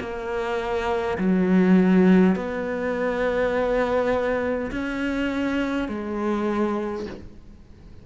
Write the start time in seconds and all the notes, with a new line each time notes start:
0.00 A#3
1.18 F#3
2.36 B3
4.72 C#4
5.89 G#3